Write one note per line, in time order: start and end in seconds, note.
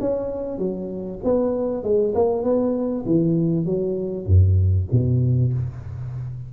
0.00 0.58 C#4
0.58 1.19 F#3
1.23 1.83 B3
1.83 2.13 G#3
2.14 2.43 A#3
2.43 3.04 B3
3.06 3.65 E3
3.65 4.26 F#3
4.26 4.87 F#2
4.91 5.52 B2